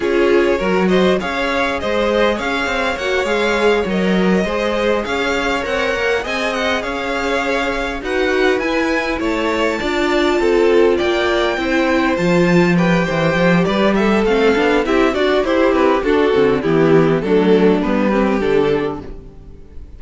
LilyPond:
<<
  \new Staff \with { instrumentName = "violin" } { \time 4/4 \tempo 4 = 101 cis''4. dis''8 f''4 dis''4 | f''4 fis''8 f''4 dis''4.~ | dis''8 f''4 fis''4 gis''8 fis''8 f''8~ | f''4. fis''4 gis''4 a''8~ |
a''2~ a''8 g''4.~ | g''8 a''4 g''4. d''8 e''8 | f''4 e''8 d''8 c''8 b'8 a'4 | g'4 a'4 b'4 a'4 | }
  \new Staff \with { instrumentName = "violin" } { \time 4/4 gis'4 ais'8 c''8 cis''4 c''4 | cis''2.~ cis''8 c''8~ | c''8 cis''2 dis''4 cis''8~ | cis''4. b'2 cis''8~ |
cis''8 d''4 a'4 d''4 c''8~ | c''4. b'8 c''4 b'8 a'8~ | a'4 g'8 fis'8 e'4 fis'4 | e'4 d'4. g'4. | }
  \new Staff \with { instrumentName = "viola" } { \time 4/4 f'4 fis'4 gis'2~ | gis'4 fis'8 gis'4 ais'4 gis'8~ | gis'4. ais'4 gis'4.~ | gis'4. fis'4 e'4.~ |
e'8 f'2. e'8~ | e'8 f'4 g'2~ g'8 | c'8 d'8 e'8 fis'8 g'4 d'8 c'8 | b4 a4 b8 c'8 d'4 | }
  \new Staff \with { instrumentName = "cello" } { \time 4/4 cis'4 fis4 cis'4 gis4 | cis'8 c'8 ais8 gis4 fis4 gis8~ | gis8 cis'4 c'8 ais8 c'4 cis'8~ | cis'4. dis'4 e'4 a8~ |
a8 d'4 c'4 ais4 c'8~ | c'8 f4. e8 f8 g4 | a8 b8 c'8 d'8 e'8 c'8 d'8 d8 | e4 fis4 g4 d4 | }
>>